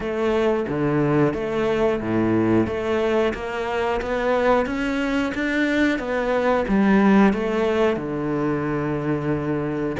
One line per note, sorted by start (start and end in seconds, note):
0.00 0.65 A3
0.68 1.33 D3
1.33 2.00 A3
2.00 2.66 A2
2.66 3.33 A3
3.34 4.00 A#3
4.01 4.66 B3
4.66 5.32 C#4
5.34 5.98 D4
5.98 6.65 B3
6.68 7.33 G3
7.33 7.96 A3
7.96 9.96 D3